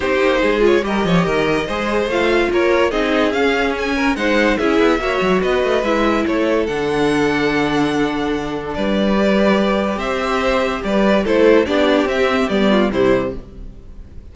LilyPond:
<<
  \new Staff \with { instrumentName = "violin" } { \time 4/4 \tempo 4 = 144 c''4. cis''8 dis''2~ | dis''4 f''4 cis''4 dis''4 | f''4 gis''4 fis''4 e''4~ | e''4 dis''4 e''4 cis''4 |
fis''1~ | fis''4 d''2. | e''2 d''4 c''4 | d''4 e''4 d''4 c''4 | }
  \new Staff \with { instrumentName = "violin" } { \time 4/4 g'4 gis'4 ais'8 cis''8 ais'4 | c''2 ais'4 gis'4~ | gis'4. ais'8 c''4 gis'4 | cis''4 b'2 a'4~ |
a'1~ | a'4 b'2. | c''2 b'4 a'4 | g'2~ g'8 f'8 e'4 | }
  \new Staff \with { instrumentName = "viola" } { \time 4/4 dis'4. f'8 g'2 | gis'4 f'2 dis'4 | cis'2 dis'4 e'4 | fis'2 e'2 |
d'1~ | d'2 g'2~ | g'2. e'4 | d'4 c'4 b4 g4 | }
  \new Staff \with { instrumentName = "cello" } { \time 4/4 c'8 ais8 gis4 g8 f8 dis4 | gis4 a4 ais4 c'4 | cis'2 gis4 cis'8 b8 | ais8 fis8 b8 a8 gis4 a4 |
d1~ | d4 g2. | c'2 g4 a4 | b4 c'4 g4 c4 | }
>>